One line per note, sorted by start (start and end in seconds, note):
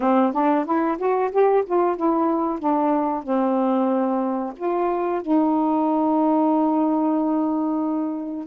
0.00 0.32 C4
0.32 0.65 D4
0.65 0.97 E4
0.98 1.30 F#4
1.31 1.64 G4
1.65 1.96 F4
1.96 2.59 E4
2.59 3.23 D4
3.23 4.53 C4
4.56 5.21 F4
5.21 8.47 D#4